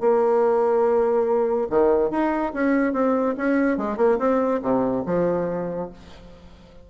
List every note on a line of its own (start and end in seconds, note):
0.00 1.68 A#3
1.70 2.11 D#3
2.11 2.53 D#4
2.53 2.93 C#4
2.93 3.35 C4
3.37 3.77 C#4
3.77 3.97 G#3
3.97 4.18 A#3
4.19 4.61 C4
4.62 5.04 C3
5.06 5.90 F3